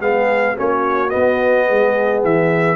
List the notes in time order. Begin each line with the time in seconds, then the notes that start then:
0.00 G#3 B3 G#4 F5
0.56 A#3 C#4 F#4 C#5
1.08 B3 D#5
1.67 G#3 G#4
2.23 E3 E5